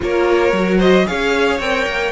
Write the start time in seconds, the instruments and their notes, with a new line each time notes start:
0.00 cello A#3, viola F4, violin A#4 C#5
0.52 cello F#3, viola F#4
0.77 violin C5 D#5
1.06 cello C#4, viola G#4, violin C#5 F5
1.59 cello C4, viola A#4, violin G5
1.86 cello A#3